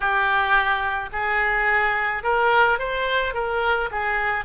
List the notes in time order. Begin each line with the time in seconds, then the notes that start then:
0.00 G4
1.12 G#4
2.23 A#4
2.78 C5
3.33 A#4
3.91 G#4